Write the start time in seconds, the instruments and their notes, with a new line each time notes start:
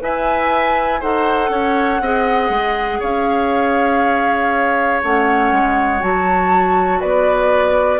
0.00 bassoon E4, clarinet B4, oboe E5, flute G#5
1.00 bassoon D#4, clarinet A4, oboe C5, flute F#5
1.50 bassoon C#4, oboe C#5
2.01 bassoon C4, clarinet G#4, oboe D#5
2.50 bassoon G#3
3.00 bassoon C#4, oboe C#5, flute F5
5.03 bassoon A3, clarinet C#4, flute F#5
5.52 bassoon G#3
6.00 bassoon F#3, clarinet F#4, flute A5
7.01 bassoon B3, oboe B4, flute D5